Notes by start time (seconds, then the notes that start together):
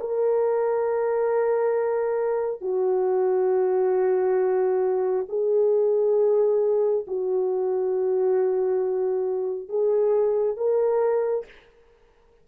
0.00 A#4
2.61 F#4
5.29 G#4
7.07 F#4
9.69 G#4
10.57 A#4